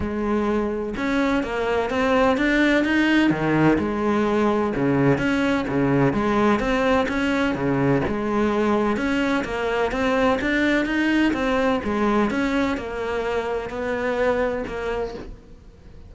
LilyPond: \new Staff \with { instrumentName = "cello" } { \time 4/4 \tempo 4 = 127 gis2 cis'4 ais4 | c'4 d'4 dis'4 dis4 | gis2 cis4 cis'4 | cis4 gis4 c'4 cis'4 |
cis4 gis2 cis'4 | ais4 c'4 d'4 dis'4 | c'4 gis4 cis'4 ais4~ | ais4 b2 ais4 | }